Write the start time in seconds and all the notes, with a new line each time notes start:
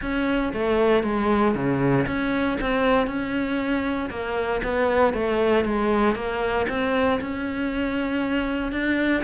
0.01 C#4
0.53 A3
1.03 G#3
1.55 C#3
2.07 C#4
2.60 C4
3.07 C#4
4.09 A#3
4.63 B3
5.13 A3
5.64 G#3
6.15 A#3
6.68 C4
7.21 C#4
8.72 D4